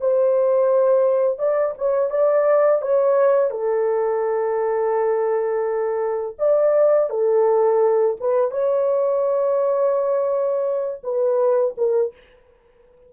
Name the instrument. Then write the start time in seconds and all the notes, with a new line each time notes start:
horn
0.00 C5
1.39 D5
1.78 C#5
2.10 D5
2.81 C#5
3.50 A4
6.39 D5
7.09 A4
8.20 B4
8.51 C#5
11.03 B4
11.77 A#4